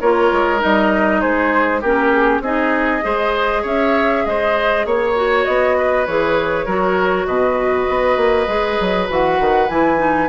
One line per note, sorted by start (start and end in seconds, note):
0.00 0.31 A#3
0.00 0.59 F4
0.00 1.21 A#4
0.00 0.61 C#5
0.32 0.62 G#3
0.59 1.23 G3
0.59 1.80 D#4
0.59 1.21 D#5
1.21 1.83 G#3
1.21 1.81 G#4
1.21 1.81 C5
1.81 2.40 A#3
1.81 2.44 C#4
1.81 2.41 G4
1.81 2.09 A#4
2.09 2.40 G#4
2.40 3.01 C4
2.40 3.01 D#4
2.40 3.04 G#4
2.40 3.65 D#5
3.01 3.64 G#3
3.01 5.13 G#4
3.01 3.62 C5
3.62 4.24 C#4
3.62 4.23 C#5
3.62 4.25 E5
4.25 4.85 G#3
4.25 4.86 C5
4.25 4.85 D#5
4.85 5.46 A#3
4.85 5.77 C#5
4.85 5.45 C#5
5.15 6.06 F#4
5.45 6.07 B3
5.45 6.05 D#5
5.77 6.65 B4
6.06 6.66 E3
6.06 6.67 G#4
6.06 7.26 C#5
6.65 7.26 F#3
6.65 8.47 F#4
6.65 7.26 A#4
7.26 7.87 B2
7.26 10.29 B4
7.26 9.08 D#5
7.88 8.16 B3
8.16 8.47 A#3
8.47 8.78 G#3
8.47 9.08 G#4
8.80 9.09 F#3
9.08 9.39 E3
9.08 9.69 F#4
9.08 9.69 F#5
9.40 9.69 D#3
9.69 10.29 E3
9.69 9.97 E4
9.69 10.29 G#5
9.97 10.28 D#4